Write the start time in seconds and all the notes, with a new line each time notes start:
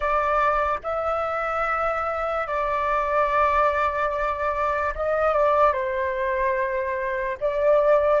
0.00 D5
0.83 E5
2.47 D5
4.94 D#5
5.33 D5
5.73 C5
7.40 D5